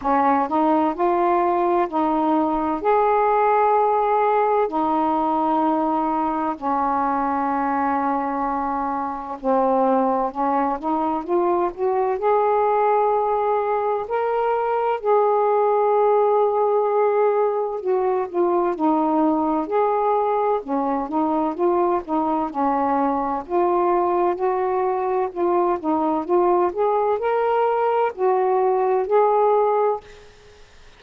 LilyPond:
\new Staff \with { instrumentName = "saxophone" } { \time 4/4 \tempo 4 = 64 cis'8 dis'8 f'4 dis'4 gis'4~ | gis'4 dis'2 cis'4~ | cis'2 c'4 cis'8 dis'8 | f'8 fis'8 gis'2 ais'4 |
gis'2. fis'8 f'8 | dis'4 gis'4 cis'8 dis'8 f'8 dis'8 | cis'4 f'4 fis'4 f'8 dis'8 | f'8 gis'8 ais'4 fis'4 gis'4 | }